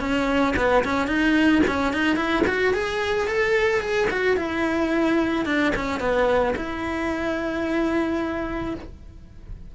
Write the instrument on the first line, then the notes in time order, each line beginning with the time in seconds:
cello
0.00 C#4
0.57 B3
0.85 C#4
1.07 D#4
1.67 C#4
1.94 D#4
2.16 E4
2.47 F#4
2.74 G#4
3.28 A4
3.81 G#4
4.10 F#4
4.37 E4
5.46 D4
5.76 C#4
6.00 B3
6.57 E4